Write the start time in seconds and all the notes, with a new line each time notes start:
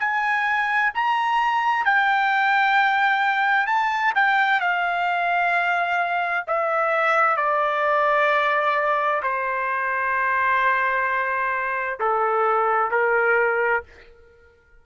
0.00 G#5
0.94 A#5
1.85 G5
3.67 A5
4.15 G5
4.60 F5
6.47 E5
7.37 D5
9.23 C5
12.00 A4
12.91 A#4